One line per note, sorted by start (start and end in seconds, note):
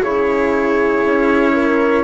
0.00 1.05 C#3
0.00 2.04 E4
0.00 1.53 G#4
0.00 2.04 C#5
1.05 2.04 C#4
1.53 2.04 A#4